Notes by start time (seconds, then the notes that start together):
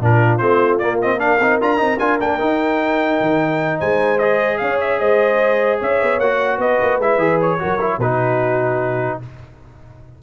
0.00 A#2 D4 F4 A#4
0.38 A3 C4 C5
0.79 A#3 D5
1.02 C4 D#5
1.19 D4 A#4 F5
1.40 C4 D#4
1.62 D4 F4 A#5
1.78 C4 D#4
1.99 D4 F4 G#5
2.20 A#3 D4 G5
2.40 D#4
3.21 D#3
3.79 G#3 C5 G#5
4.19 G#4 D#5
4.58 C#4 C#5 F5
4.81 E5
5.00 G#3 C5 D#5
5.79 C#4 C#5 E5
6.03 B3
6.19 A#3 F#4 F#5
6.58 B3 B4 D#5
6.82 A#3
6.98 G#3 E4 E5
7.17 E3 G#4
7.41 C#5
7.59 F#3 F#4 A#4
7.81 E4
7.98 B2 D#4 F#4 B4